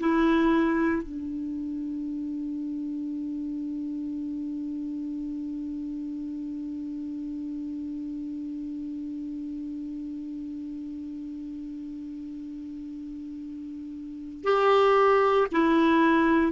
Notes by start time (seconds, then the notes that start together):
0.00 E4
1.03 D4
14.44 G4
15.53 E4